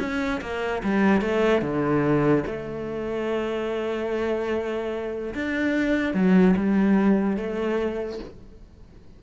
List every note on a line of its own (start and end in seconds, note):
0.00 0.41 C#4
0.42 0.83 A#3
0.83 1.21 G3
1.21 1.62 A3
1.62 2.45 D3
2.47 5.34 A3
5.35 6.14 D4
6.14 6.55 F#3
6.57 7.37 G3
7.37 8.19 A3